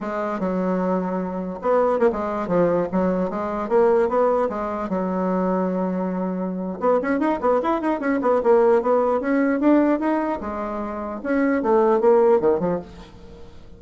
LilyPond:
\new Staff \with { instrumentName = "bassoon" } { \time 4/4 \tempo 4 = 150 gis4 fis2. | b4 ais16 gis4 f4 fis8.~ | fis16 gis4 ais4 b4 gis8.~ | gis16 fis2.~ fis8.~ |
fis4 b8 cis'8 dis'8 b8 e'8 dis'8 | cis'8 b8 ais4 b4 cis'4 | d'4 dis'4 gis2 | cis'4 a4 ais4 dis8 f8 | }